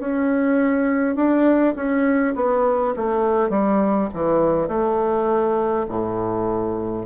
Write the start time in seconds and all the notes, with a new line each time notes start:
0.00 C#4
1.16 D4
1.76 C#4
2.35 B3
2.97 A3
3.50 G3
4.14 E3
4.68 A3
5.89 A2